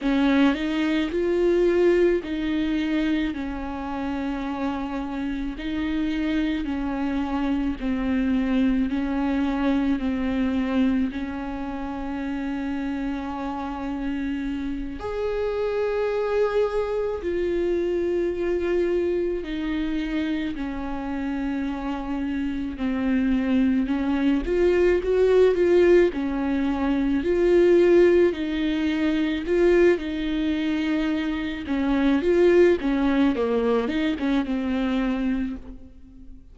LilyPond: \new Staff \with { instrumentName = "viola" } { \time 4/4 \tempo 4 = 54 cis'8 dis'8 f'4 dis'4 cis'4~ | cis'4 dis'4 cis'4 c'4 | cis'4 c'4 cis'2~ | cis'4. gis'2 f'8~ |
f'4. dis'4 cis'4.~ | cis'8 c'4 cis'8 f'8 fis'8 f'8 cis'8~ | cis'8 f'4 dis'4 f'8 dis'4~ | dis'8 cis'8 f'8 cis'8 ais8 dis'16 cis'16 c'4 | }